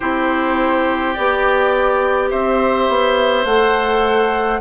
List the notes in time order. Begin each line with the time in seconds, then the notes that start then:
0.00 C4 E4 G4 C5
1.13 B3 G4 D5
2.30 C4 C5 E5
2.88 B3
3.44 A3 A4 F#5